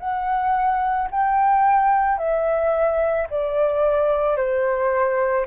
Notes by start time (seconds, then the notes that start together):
0.00 F#5
1.11 G5
2.18 E5
3.30 D5
4.37 C5